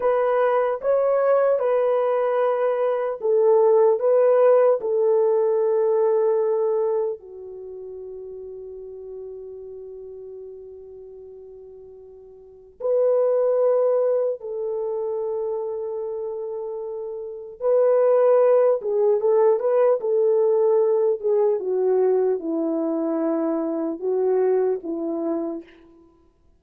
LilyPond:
\new Staff \with { instrumentName = "horn" } { \time 4/4 \tempo 4 = 75 b'4 cis''4 b'2 | a'4 b'4 a'2~ | a'4 fis'2.~ | fis'1 |
b'2 a'2~ | a'2 b'4. gis'8 | a'8 b'8 a'4. gis'8 fis'4 | e'2 fis'4 e'4 | }